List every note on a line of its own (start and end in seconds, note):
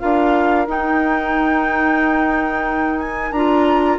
0.00 0.68 D4
0.00 0.67 F4
0.00 3.99 A#4
0.00 0.67 F5
0.67 3.34 D#4
0.67 3.32 D#4
0.67 3.00 G5
3.00 3.32 G#5
3.32 3.99 D4
3.32 3.99 F4
3.32 3.99 A#5